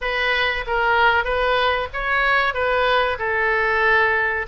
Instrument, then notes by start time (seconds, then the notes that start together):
oboe
0.01 B4
0.66 A#4
1.24 B4
1.93 C#5
2.54 B4
3.19 A4